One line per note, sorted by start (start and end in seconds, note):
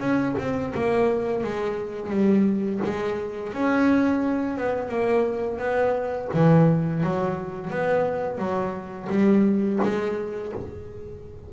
0.00 0.35 C#4
0.38 0.73 C4
0.74 1.43 A#3
1.43 2.10 G#3
2.10 2.80 G3
2.84 3.53 G#3
3.53 4.57 C#4
4.57 4.89 B3
4.89 5.58 A#3
5.58 6.28 B3
6.33 7.03 E3
7.03 7.70 F#3
7.70 8.38 B3
8.38 9.08 F#3
9.09 9.79 G3
9.82 10.52 G#3